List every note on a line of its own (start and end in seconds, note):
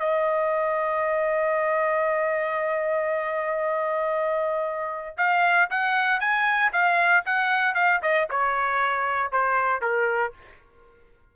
0.00 5.17 D#5
5.18 5.70 F5
5.70 6.21 F#5
6.21 6.72 G#5
6.73 7.25 F5
7.26 7.75 F#5
7.75 8.01 F5
8.03 8.29 D#5
8.31 9.32 C#5
9.32 9.82 C5
9.82 10.34 A#4